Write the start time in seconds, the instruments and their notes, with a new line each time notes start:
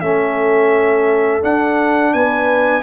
0.00 tuba A3, trombone C#4, horn A4, trumpet E5
1.41 trombone D4, tuba D4, trumpet F#5
2.13 tuba B3, horn B4, trumpet G#5